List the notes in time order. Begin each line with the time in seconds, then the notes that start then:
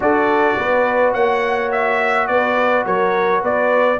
0.00 D4 F#4 A4 D5
0.57 B3 B4
1.13 A#3 C#5 F#5
1.71 E5
2.27 B3 B4 D5
2.85 F#3 A#4 C#5
3.40 B3 B4 D5